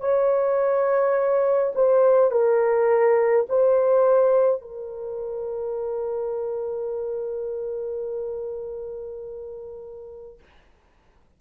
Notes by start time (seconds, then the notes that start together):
0.00 C#5
1.75 C5
2.31 A#4
3.49 C5
4.62 A#4